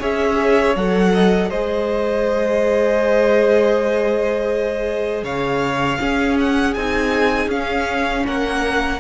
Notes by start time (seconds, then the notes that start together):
0.00 C#4 G#4 C#5 E5
0.76 F#3 A4 F#5
1.14 D#5
1.50 G#3 G#4 C5 D#5
5.23 C#3 C#5 F5
6.00 C#4 G#4
6.40 F#5
6.74 C4 D#4 G#5
7.48 C#4 F5
8.26 A#3 A#4 F#5